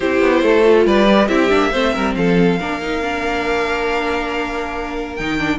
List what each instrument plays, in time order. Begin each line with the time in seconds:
0.00 cello C4, viola E4, violin G4 C5
0.20 cello B3
0.42 cello A3, violin A4
0.63 viola F4
0.85 cello G3, violin B4 D5
1.07 viola G4
1.27 cello C4, viola E4, violin G4 E5
1.49 cello A#3, viola D4
1.71 cello A3, viola C4, violin C5
1.93 cello G3, violin A#4
2.15 cello F3, violin A4 F5
2.59 cello A#3, viola D4, violin A#4
2.81 viola D#4
3.02 viola D4
5.15 cello D#3, viola D#4, violin G5
5.38 viola D4